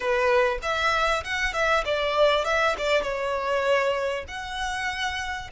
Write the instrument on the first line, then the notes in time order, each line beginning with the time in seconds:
violin
0.00 B4
0.62 E5
1.24 F#5
1.53 E5
1.84 D5
2.45 E5
2.78 D5
3.02 C#5
4.27 F#5